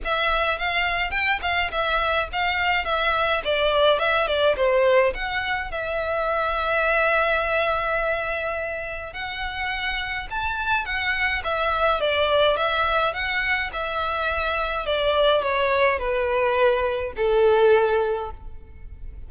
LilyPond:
\new Staff \with { instrumentName = "violin" } { \time 4/4 \tempo 4 = 105 e''4 f''4 g''8 f''8 e''4 | f''4 e''4 d''4 e''8 d''8 | c''4 fis''4 e''2~ | e''1 |
fis''2 a''4 fis''4 | e''4 d''4 e''4 fis''4 | e''2 d''4 cis''4 | b'2 a'2 | }